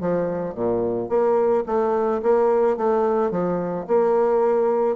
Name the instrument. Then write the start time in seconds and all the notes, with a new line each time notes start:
bassoon
0.00 F3
0.54 A#2
1.09 A#3
1.66 A3
2.22 A#3
2.77 A3
3.31 F3
3.87 A#3